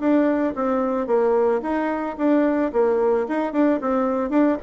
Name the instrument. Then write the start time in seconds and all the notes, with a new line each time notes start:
bassoon
0.00 D4
0.56 C4
1.07 A#3
1.62 D#4
2.18 D4
2.73 A#3
3.29 D#4
3.53 D4
3.81 C4
4.30 D4